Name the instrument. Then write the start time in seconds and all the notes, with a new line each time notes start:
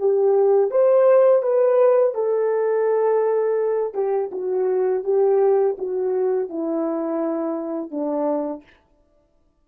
horn
0.00 G4
0.71 C5
1.43 B4
2.15 A4
3.95 G4
4.32 F#4
5.05 G4
5.78 F#4
6.50 E4
7.92 D4